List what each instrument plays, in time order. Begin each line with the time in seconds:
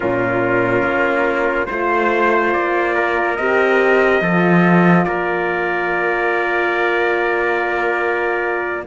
0.00 cello A#2, horn C#4, trumpet F4 A#4
0.82 cello A#3
1.66 cello A3, horn F4, trumpet C5
2.52 cello A#3, trumpet D5
2.94 trumpet A#4
3.36 cello C4, horn G4, trumpet D#5
4.21 cello F3, horn F4, trumpet A4
5.04 cello A#3, trumpet A#4 D5